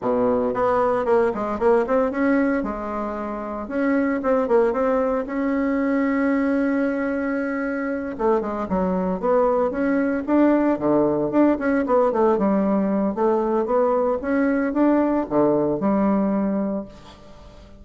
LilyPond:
\new Staff \with { instrumentName = "bassoon" } { \time 4/4 \tempo 4 = 114 b,4 b4 ais8 gis8 ais8 c'8 | cis'4 gis2 cis'4 | c'8 ais8 c'4 cis'2~ | cis'2.~ cis'8 a8 |
gis8 fis4 b4 cis'4 d'8~ | d'8 d4 d'8 cis'8 b8 a8 g8~ | g4 a4 b4 cis'4 | d'4 d4 g2 | }